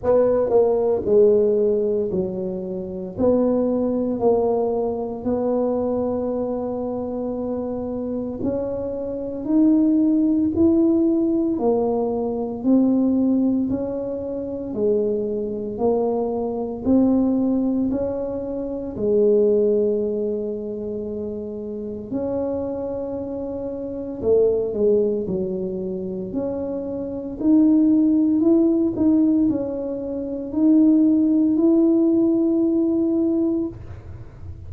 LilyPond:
\new Staff \with { instrumentName = "tuba" } { \time 4/4 \tempo 4 = 57 b8 ais8 gis4 fis4 b4 | ais4 b2. | cis'4 dis'4 e'4 ais4 | c'4 cis'4 gis4 ais4 |
c'4 cis'4 gis2~ | gis4 cis'2 a8 gis8 | fis4 cis'4 dis'4 e'8 dis'8 | cis'4 dis'4 e'2 | }